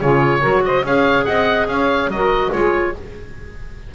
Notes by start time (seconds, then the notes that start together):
0.00 C#3 F4 G#4 C#5
0.40 F#3 F#4 A#4
0.65 C5 D#5
0.84 C#4 G#4 C#5 F5
1.24 C4 D#5 F#5
1.67 C#4 C#5 F5
2.07 F#3 F#4 D#5
2.13 A#4
2.51 G#3 F4 G#4 C#5